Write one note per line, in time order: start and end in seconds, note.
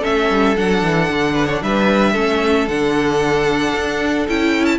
0.00 0.30 A3
0.00 0.56 C#4
0.00 1.33 A4
0.00 0.57 E5
0.30 0.56 G3
0.57 0.83 F#3
0.57 2.15 D4
0.57 1.63 F#5
0.83 1.09 E3
1.09 1.62 D3
1.34 1.47 B4
1.47 1.60 C#5
1.62 2.15 G3
1.62 2.13 B4
1.62 2.68 E5
2.13 2.68 A3
2.13 2.68 C#4
2.13 4.78 A4
2.68 3.75 D3
2.68 4.29 D4
2.68 4.28 F#5
3.75 4.28 D4
4.29 4.79 C#4
4.29 4.79 E4
4.29 4.65 G5
4.65 4.79 A5